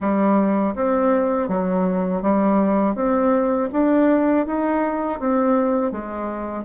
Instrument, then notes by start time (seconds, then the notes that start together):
bassoon
0.00 G3
0.75 C4
1.48 F#3
2.22 G3
2.95 C4
3.72 D4
4.46 D#4
5.19 C4
5.91 G#3